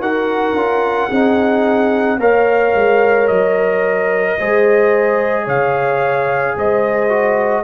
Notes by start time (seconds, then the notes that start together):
0.00 D#4 F#4 A#4 F#5
0.53 C#4 F4
1.08 C4 D#4 G#4
2.18 A#3 A#4 C#5 F5
2.75 G#3
3.28 F#3 D#5
4.39 G#3 G#4 C5
5.45 C#3 C#5 F5
6.57 G#3 C5 D#5
7.09 F#4